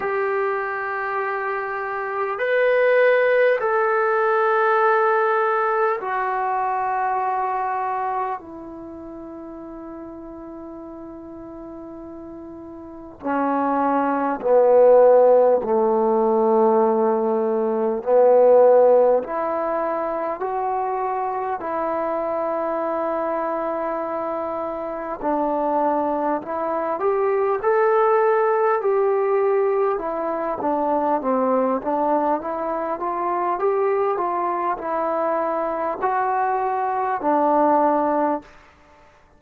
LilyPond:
\new Staff \with { instrumentName = "trombone" } { \time 4/4 \tempo 4 = 50 g'2 b'4 a'4~ | a'4 fis'2 e'4~ | e'2. cis'4 | b4 a2 b4 |
e'4 fis'4 e'2~ | e'4 d'4 e'8 g'8 a'4 | g'4 e'8 d'8 c'8 d'8 e'8 f'8 | g'8 f'8 e'4 fis'4 d'4 | }